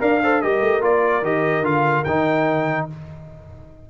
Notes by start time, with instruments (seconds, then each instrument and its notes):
0.00 tuba D4, trombone A#4, horn D5, trumpet F5
0.23 trombone A4, horn C5
0.42 tuba G3, trombone G4, horn A#4, trumpet D#5
0.61 tuba A3
0.82 tuba A#3, trombone F4, trumpet D5
1.23 tuba D#3, trombone G4, trumpet D#5
1.61 tuba D3, trombone F4, trumpet F5
2.05 tuba D#3, trombone D#4, trumpet G5